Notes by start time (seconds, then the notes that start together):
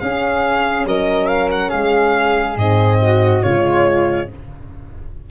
0.00 C#4 G#4 F5
0.86 F#3 A#4 D#5
1.28 F5
1.52 F#5
1.69 G#3 G#4 F5
2.57 G#2 C4 D#5
3.02 F#4
3.43 C#3 G#3 F4 C#5